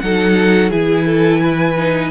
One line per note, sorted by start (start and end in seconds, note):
0.00 0.72 F#3
0.00 0.71 D#4
0.00 0.70 A4
0.00 0.71 F#5
0.70 2.11 E3
0.70 1.77 E4
0.70 1.05 G#4
0.70 2.11 G#5
1.06 1.41 A4
1.43 2.11 B4
1.77 2.11 D#4